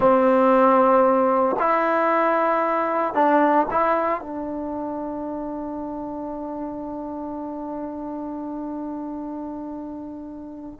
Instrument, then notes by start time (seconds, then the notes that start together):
trombone
0.00 C4
1.59 E4
3.14 D4
3.70 E4
4.21 D4